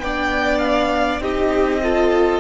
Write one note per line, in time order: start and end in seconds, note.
0.00 1.20 B3
0.00 1.22 D4
0.00 1.23 D5
0.00 0.59 G5
0.59 1.19 F5
1.20 2.40 C4
1.20 1.82 D#4
1.20 1.82 G4
1.20 2.41 D#5
1.83 2.41 F4
1.83 2.41 A4